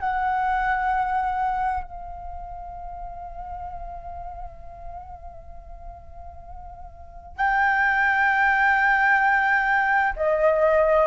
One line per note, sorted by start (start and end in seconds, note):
0.00 1.84 F#5
1.84 7.37 F5
7.37 10.14 G5
10.17 11.07 D#5